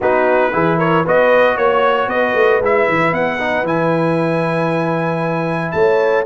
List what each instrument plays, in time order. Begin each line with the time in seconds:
0.00 tuba B3, trombone D#4, horn F#4, trumpet B4
0.52 tuba E3, trombone E4, horn G#4
0.77 horn A#4, trumpet C#5
1.03 tuba B3, trombone F#4, horn B4, trumpet D#5
1.56 tuba A#3, horn C#5, trumpet C#5
2.07 tuba B3, horn B4, trumpet D#5
2.34 tuba A3
2.59 tuba G#3, trombone E4, trumpet E5
2.88 tuba E3
3.12 tuba B3, trumpet F#5
3.39 trombone D#4
3.63 tuba E3, trombone E4, trumpet G#5
5.71 tuba A3, horn C#5, trumpet A5